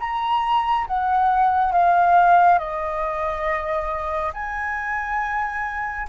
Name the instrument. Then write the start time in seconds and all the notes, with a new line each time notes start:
flute
0.00 A#5
0.87 F#5
1.73 F5
2.59 D#5
4.34 G#5